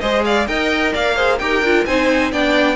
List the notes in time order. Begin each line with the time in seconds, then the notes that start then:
0.00 G#3 G#4 C5 D#5
0.25 D5 F5
0.47 D#4 A#4 D#5 G5
0.94 A#3 D5 F5
1.16 G#4 C5
1.39 D#4 G4 A#4 G5
1.62 D4 F4
1.86 C4 D#4 C5 G#5
2.32 B3 D4 D5 G5